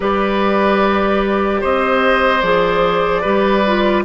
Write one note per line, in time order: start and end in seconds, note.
0.00 1.62 G3
0.00 2.40 G4
0.00 1.60 B4
0.00 1.63 D5
1.60 2.42 C4
1.60 3.21 C5
1.60 2.41 D#5
2.41 3.23 F3
2.41 3.23 G#4
2.41 4.03 D5
3.21 4.05 G3
3.21 3.64 G4
3.21 4.02 B4
3.66 4.05 F4